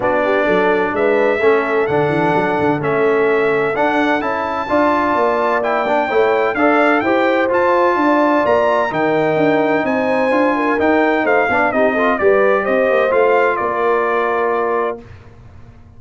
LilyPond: <<
  \new Staff \with { instrumentName = "trumpet" } { \time 4/4 \tempo 4 = 128 d''2 e''2 | fis''2 e''2 | fis''4 a''2. | g''2 f''4 g''4 |
a''2 ais''4 g''4~ | g''4 gis''2 g''4 | f''4 dis''4 d''4 dis''4 | f''4 d''2. | }
  \new Staff \with { instrumentName = "horn" } { \time 4/4 fis'8 g'8 a'4 b'4 a'4~ | a'1~ | a'2 d''2~ | d''4 cis''4 d''4 c''4~ |
c''4 d''2 ais'4~ | ais'4 c''4. ais'4. | c''8 d''8 g'8 a'8 b'4 c''4~ | c''4 ais'2. | }
  \new Staff \with { instrumentName = "trombone" } { \time 4/4 d'2. cis'4 | d'2 cis'2 | d'4 e'4 f'2 | e'8 d'8 e'4 a'4 g'4 |
f'2. dis'4~ | dis'2 f'4 dis'4~ | dis'8 d'8 dis'8 f'8 g'2 | f'1 | }
  \new Staff \with { instrumentName = "tuba" } { \time 4/4 b4 fis4 gis4 a4 | d8 e8 fis8 d8 a2 | d'4 cis'4 d'4 ais4~ | ais4 a4 d'4 e'4 |
f'4 d'4 ais4 dis4 | d'4 c'4 d'4 dis'4 | a8 b8 c'4 g4 c'8 ais8 | a4 ais2. | }
>>